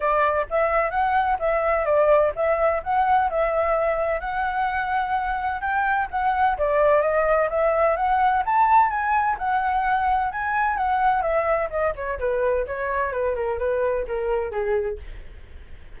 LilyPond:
\new Staff \with { instrumentName = "flute" } { \time 4/4 \tempo 4 = 128 d''4 e''4 fis''4 e''4 | d''4 e''4 fis''4 e''4~ | e''4 fis''2. | g''4 fis''4 d''4 dis''4 |
e''4 fis''4 a''4 gis''4 | fis''2 gis''4 fis''4 | e''4 dis''8 cis''8 b'4 cis''4 | b'8 ais'8 b'4 ais'4 gis'4 | }